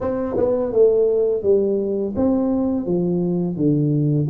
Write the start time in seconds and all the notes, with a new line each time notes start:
0.00 C4
0.37 B3
0.72 A3
1.43 G3
2.16 C4
2.86 F3
3.56 D3